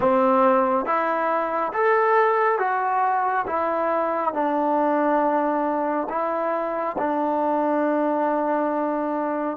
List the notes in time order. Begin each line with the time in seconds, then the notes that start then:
0.00 C4
0.85 E4
1.73 A4
2.58 F#4
3.47 E4
4.33 D4
6.09 E4
6.98 D4